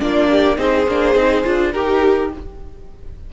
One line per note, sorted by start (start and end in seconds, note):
0.00 0.58 A#3
0.00 0.56 D4
0.00 0.30 F4
0.00 0.58 D5
0.31 0.58 G4
0.56 0.87 C4
0.56 0.85 D#4
0.56 1.73 G#4
0.56 1.72 C5
0.87 1.15 A#3
0.87 1.16 D4
1.15 1.44 C4
1.15 1.44 D#4
1.44 1.75 D4
1.44 1.73 F4
1.72 2.32 D#4
1.72 2.30 G4
1.72 2.33 G4
1.72 2.30 A#4